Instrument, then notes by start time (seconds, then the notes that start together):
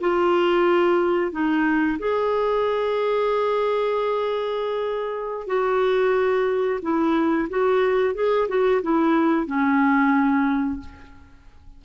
clarinet
0.00 F4
1.31 D#4
1.98 G#4
5.46 F#4
6.82 E4
7.49 F#4
8.14 G#4
8.48 F#4
8.82 E4
9.46 C#4